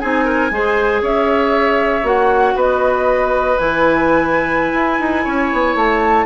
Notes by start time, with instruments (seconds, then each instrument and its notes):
0.00 bassoon C4, clarinet D#4, oboe G#4, flute G#5
0.25 oboe A#4
0.51 bassoon G#3, clarinet G#4, oboe C5
1.02 bassoon C#4, oboe C#5, flute E5
2.03 bassoon A#3, clarinet F#4, flute F#5
2.55 bassoon B3, oboe B4, flute D#5
3.59 bassoon E3, clarinet E4, flute G#5
4.74 bassoon E4
5.00 bassoon D#4
5.24 bassoon C#4, oboe C#5
5.53 bassoon B3
5.76 bassoon A3, flute A5